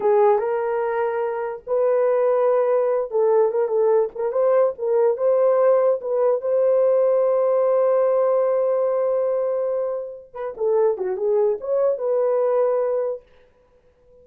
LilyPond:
\new Staff \with { instrumentName = "horn" } { \time 4/4 \tempo 4 = 145 gis'4 ais'2. | b'2.~ b'8 a'8~ | a'8 ais'8 a'4 ais'8 c''4 ais'8~ | ais'8 c''2 b'4 c''8~ |
c''1~ | c''1~ | c''4 b'8 a'4 fis'8 gis'4 | cis''4 b'2. | }